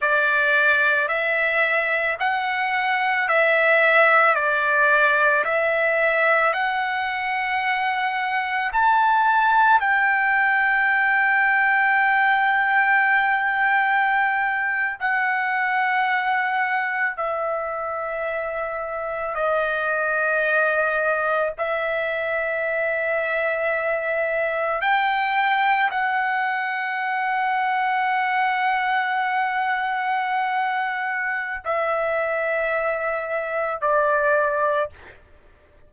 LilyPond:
\new Staff \with { instrumentName = "trumpet" } { \time 4/4 \tempo 4 = 55 d''4 e''4 fis''4 e''4 | d''4 e''4 fis''2 | a''4 g''2.~ | g''4.~ g''16 fis''2 e''16~ |
e''4.~ e''16 dis''2 e''16~ | e''2~ e''8. g''4 fis''16~ | fis''1~ | fis''4 e''2 d''4 | }